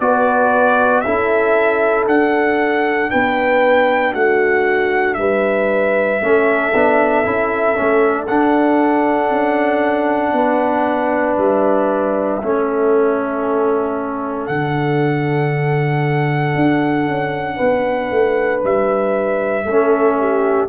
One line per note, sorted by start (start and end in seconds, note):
0.00 1.03 B3
0.00 1.05 F#4
0.00 1.05 B4
0.00 1.01 D5
1.01 2.07 C#4
1.01 2.10 E4
1.01 3.12 A4
1.01 2.05 E5
2.07 3.10 D4
2.07 6.22 D4
2.07 3.11 F#5
3.11 4.15 B3
3.11 4.13 B4
3.11 4.14 G5
4.13 5.17 A3
4.13 5.17 F#4
4.13 5.14 F#5
5.14 6.21 G3
5.14 6.23 B4
5.14 8.25 E5
6.21 6.73 A3
6.21 6.74 C#4
6.21 10.35 A4
6.74 7.26 B3
6.74 7.24 D4
7.24 7.78 C#4
7.24 7.76 E4
7.76 8.29 A3
7.76 8.28 C#4
8.27 9.30 D4
8.27 12.42 D4
8.27 11.37 F#5
9.30 10.33 C#4
10.33 11.37 B3
10.33 12.42 B4
11.37 12.41 G3
11.37 14.47 E5
12.43 14.49 A3
12.43 14.50 C#4
12.43 17.56 A4
14.47 16.56 D3
14.47 19.67 D4
14.47 18.60 F#5
16.56 17.07 D4
17.07 17.59 C#4
17.56 18.11 B3
17.56 19.63 B4
18.11 18.63 A3
18.64 19.65 G3
18.64 20.69 E5
19.65 20.69 A3
19.65 20.69 C#4
19.65 20.17 A4
20.20 20.69 G4